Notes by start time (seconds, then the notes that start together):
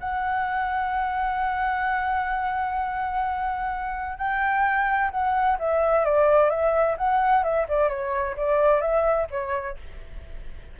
0.00 F#5
4.18 G5
5.11 F#5
5.59 E5
6.05 D5
6.50 E5
6.97 F#5
7.44 E5
7.68 D5
7.89 C#5
8.37 D5
8.81 E5
9.30 C#5